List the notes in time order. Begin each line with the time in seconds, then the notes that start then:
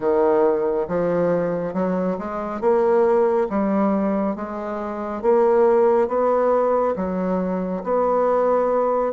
0.00 D#3
0.88 F3
1.74 F#3
2.18 G#3
2.60 A#3
3.49 G3
4.35 G#3
5.22 A#3
6.08 B3
6.96 F#3
7.83 B3